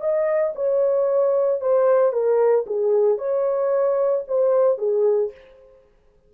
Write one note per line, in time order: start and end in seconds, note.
0.00 0.53 D#5
0.55 1.60 C#5
1.60 2.12 C5
2.12 2.65 A#4
2.66 3.18 G#4
3.18 4.24 C#5
4.27 4.78 C5
4.78 5.31 G#4